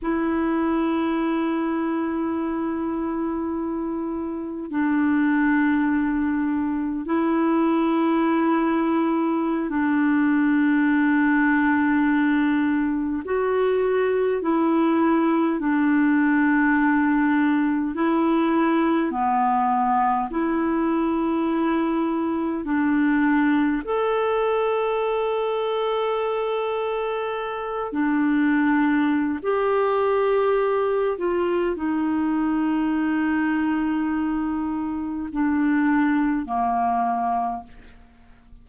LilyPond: \new Staff \with { instrumentName = "clarinet" } { \time 4/4 \tempo 4 = 51 e'1 | d'2 e'2~ | e'16 d'2. fis'8.~ | fis'16 e'4 d'2 e'8.~ |
e'16 b4 e'2 d'8.~ | d'16 a'2.~ a'8 d'16~ | d'4 g'4. f'8 dis'4~ | dis'2 d'4 ais4 | }